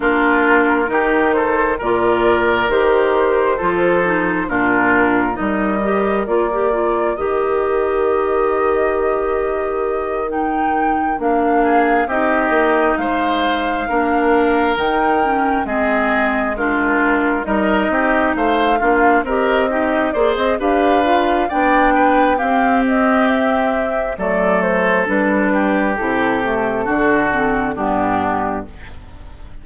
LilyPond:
<<
  \new Staff \with { instrumentName = "flute" } { \time 4/4 \tempo 4 = 67 ais'4. c''8 d''4 c''4~ | c''4 ais'4 dis''4 d''4 | dis''2.~ dis''8 g''8~ | g''8 f''4 dis''4 f''4.~ |
f''8 g''4 dis''4 ais'4 dis''8~ | dis''8 f''4 dis''4 d''16 dis''16 f''4 | g''4 f''8 dis''8 e''4 d''8 c''8 | b'4 a'2 g'4 | }
  \new Staff \with { instrumentName = "oboe" } { \time 4/4 f'4 g'8 a'8 ais'2 | a'4 f'4 ais'2~ | ais'1~ | ais'4 gis'8 g'4 c''4 ais'8~ |
ais'4. gis'4 f'4 ais'8 | g'8 c''8 f'8 ais'8 g'8 c''8 b'4 | d''8 b'8 g'2 a'4~ | a'8 g'4. fis'4 d'4 | }
  \new Staff \with { instrumentName = "clarinet" } { \time 4/4 d'4 dis'4 f'4 g'4 | f'8 dis'8 d'4 dis'8 g'8 f'16 g'16 f'8 | g'2.~ g'8 dis'8~ | dis'8 d'4 dis'2 d'8~ |
d'8 dis'8 cis'8 c'4 d'4 dis'8~ | dis'4 d'8 g'8 dis'8 gis'8 g'8 f'8 | d'4 c'2 a4 | d'4 e'8 a8 d'8 c'8 b4 | }
  \new Staff \with { instrumentName = "bassoon" } { \time 4/4 ais4 dis4 ais,4 dis4 | f4 ais,4 g4 ais4 | dis1~ | dis8 ais4 c'8 ais8 gis4 ais8~ |
ais8 dis4 gis2 g8 | c'8 a8 ais8 c'4 ais16 c'16 d'4 | b4 c'2 fis4 | g4 c4 d4 g,4 | }
>>